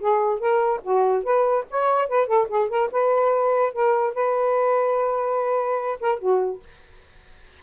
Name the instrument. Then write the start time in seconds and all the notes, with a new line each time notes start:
saxophone
0.00 G#4
0.39 A#4
0.83 F#4
1.24 B4
1.70 C#5
2.08 B4
2.27 A4
2.48 G#4
2.69 A#4
2.92 B4
3.73 A#4
4.14 B4
6.00 A#4
6.19 F#4